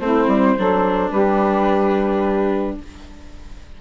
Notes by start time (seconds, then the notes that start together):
0.00 A3 C4 E4 C5
0.27 G3
0.58 F#3 D4 A4
1.11 G3 G4 B4